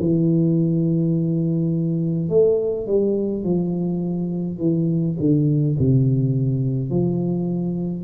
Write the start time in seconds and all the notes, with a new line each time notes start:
0.00 E3
2.29 A3
2.87 G3
3.44 F3
4.58 E3
5.20 D3
5.79 C3
6.91 F3